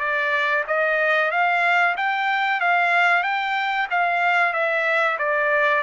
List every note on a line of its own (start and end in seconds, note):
0.00 0.65 D5
0.67 1.31 D#5
1.31 1.96 F5
1.97 2.61 G5
2.61 3.23 F5
3.23 3.88 G5
3.91 4.53 F5
4.53 5.18 E5
5.19 5.83 D5